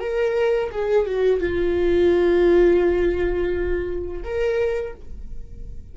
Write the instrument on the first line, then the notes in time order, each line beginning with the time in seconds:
viola
0.00 A#4
0.72 G#4
1.07 F#4
1.40 F4
4.24 A#4